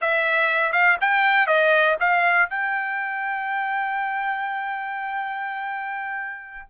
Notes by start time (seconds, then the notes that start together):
0.01 E5
0.72 F5
1.00 G5
1.46 D#5
2.00 F5
2.49 G5